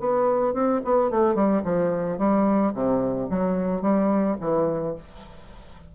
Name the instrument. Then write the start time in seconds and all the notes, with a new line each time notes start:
bassoon
0.00 B3
0.54 C4
0.85 B3
1.11 A3
1.35 G3
1.64 F3
2.18 G3
2.74 C3
3.30 F#3
3.82 G3
4.41 E3